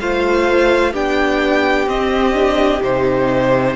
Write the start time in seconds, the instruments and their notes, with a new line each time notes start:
0.00 cello A3, viola F4, violin C5 F5
0.93 cello B3, viola D4, violin G4 G5
1.87 viola C4, cello C4, violin D#5
2.34 viola D4
2.82 cello C3, viola D#4, violin C5